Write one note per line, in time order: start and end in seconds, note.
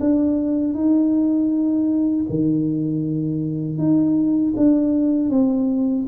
0.00 0.74 D4
0.74 2.26 D#4
2.30 3.78 D#3
3.78 4.54 D#4
4.56 5.30 D4
5.30 6.06 C4